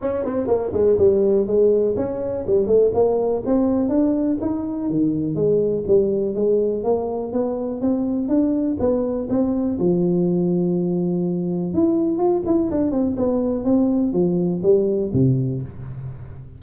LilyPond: \new Staff \with { instrumentName = "tuba" } { \time 4/4 \tempo 4 = 123 cis'8 c'8 ais8 gis8 g4 gis4 | cis'4 g8 a8 ais4 c'4 | d'4 dis'4 dis4 gis4 | g4 gis4 ais4 b4 |
c'4 d'4 b4 c'4 | f1 | e'4 f'8 e'8 d'8 c'8 b4 | c'4 f4 g4 c4 | }